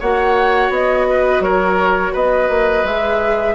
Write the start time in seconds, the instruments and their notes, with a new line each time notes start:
0.00 bassoon A#3, viola F#4, oboe C#5, flute F#5
0.70 bassoon B3, flute D#5
1.10 oboe B4
1.40 bassoon F#3, oboe A#4, flute C#5
2.13 bassoon B3, oboe B4, flute D#5
2.49 bassoon A#3
2.84 bassoon G#3, viola G#4, flute E5